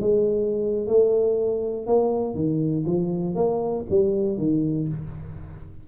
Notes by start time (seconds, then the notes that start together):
0.00 G#3
0.87 A3
1.87 A#3
2.35 D#3
2.86 F3
3.35 A#3
3.90 G3
4.38 D#3